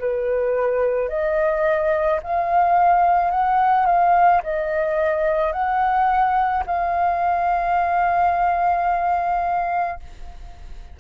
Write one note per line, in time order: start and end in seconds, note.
0.00 1.10 B4
1.10 2.21 D#5
2.23 3.31 F5
3.31 3.87 F#5
3.87 4.42 F5
4.44 5.53 D#5
5.53 6.64 F#5
6.67 10.00 F5